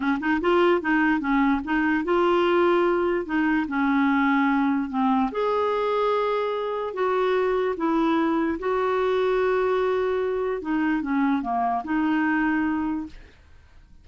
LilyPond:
\new Staff \with { instrumentName = "clarinet" } { \time 4/4 \tempo 4 = 147 cis'8 dis'8 f'4 dis'4 cis'4 | dis'4 f'2. | dis'4 cis'2. | c'4 gis'2.~ |
gis'4 fis'2 e'4~ | e'4 fis'2.~ | fis'2 dis'4 cis'4 | ais4 dis'2. | }